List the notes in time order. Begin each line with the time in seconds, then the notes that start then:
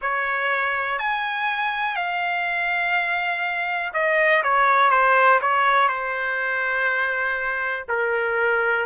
0.01 C#5
0.98 G#5
1.96 F5
3.93 D#5
4.43 C#5
4.90 C5
5.41 C#5
5.88 C5
7.88 A#4